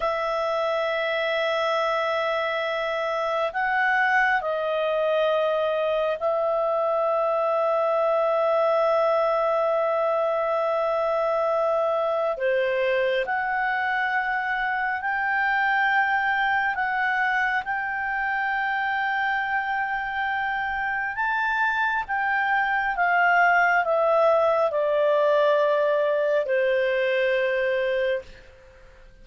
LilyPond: \new Staff \with { instrumentName = "clarinet" } { \time 4/4 \tempo 4 = 68 e''1 | fis''4 dis''2 e''4~ | e''1~ | e''2 c''4 fis''4~ |
fis''4 g''2 fis''4 | g''1 | a''4 g''4 f''4 e''4 | d''2 c''2 | }